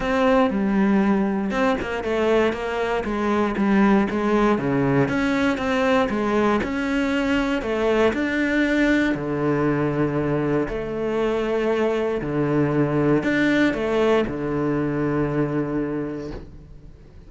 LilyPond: \new Staff \with { instrumentName = "cello" } { \time 4/4 \tempo 4 = 118 c'4 g2 c'8 ais8 | a4 ais4 gis4 g4 | gis4 cis4 cis'4 c'4 | gis4 cis'2 a4 |
d'2 d2~ | d4 a2. | d2 d'4 a4 | d1 | }